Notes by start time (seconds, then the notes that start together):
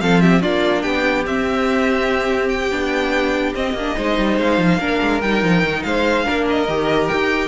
0.00 F3 C4 A4 F5
0.21 G4 E5
0.41 A#3 D4 F4 D5
0.82 B3 G4 G5
1.26 C4 E5
2.48 G5
2.71 B3 D4
3.54 C4 D#5
3.73 A#3 D4
3.97 G#3 D#4 C5
4.18 G3
4.37 G#3 F5
4.58 F3
4.78 A#3 D4 A#4
5.01 G#3
5.21 G3 D#4 G5
5.42 F3
5.62 D#3
5.82 G#3 C5 F5
6.24 A#3 D4 A#4
6.50 D#5
6.68 D#3 G4
7.07 D#4 G5